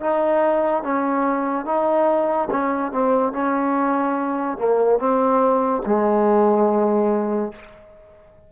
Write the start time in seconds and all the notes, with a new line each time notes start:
0.00 D#4
0.83 C#4
1.65 D#4
2.50 C#4
2.92 C4
3.33 C#4
4.58 A#3
4.99 C4
5.86 G#3